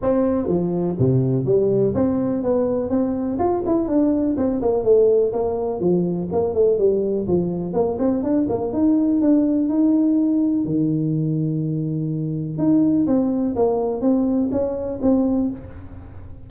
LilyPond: \new Staff \with { instrumentName = "tuba" } { \time 4/4 \tempo 4 = 124 c'4 f4 c4 g4 | c'4 b4 c'4 f'8 e'8 | d'4 c'8 ais8 a4 ais4 | f4 ais8 a8 g4 f4 |
ais8 c'8 d'8 ais8 dis'4 d'4 | dis'2 dis2~ | dis2 dis'4 c'4 | ais4 c'4 cis'4 c'4 | }